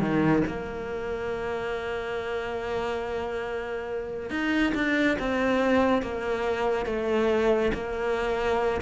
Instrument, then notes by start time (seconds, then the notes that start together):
cello
0.00 D#3
0.47 A#3
4.30 D#4
4.75 D4
5.19 C4
6.02 A#3
6.86 A3
7.74 A#3